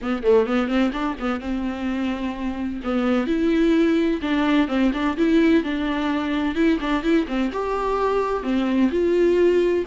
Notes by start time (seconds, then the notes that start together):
0.01 B3
0.23 A3
0.46 B3
0.68 C4
0.92 D4
1.19 B3
1.40 C4
2.84 B3
3.26 E4
4.21 D4
4.68 C4
4.93 D4
5.17 E4
5.63 D4
6.55 E4
6.80 D4
7.03 E4
7.27 C4
7.52 G4
8.43 C4
8.91 F4